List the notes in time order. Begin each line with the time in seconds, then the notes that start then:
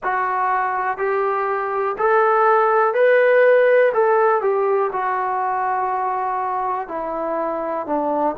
0.03 F#4
0.97 G4
1.98 A4
2.94 B4
3.93 A4
4.41 G4
4.92 F#4
6.88 E4
7.86 D4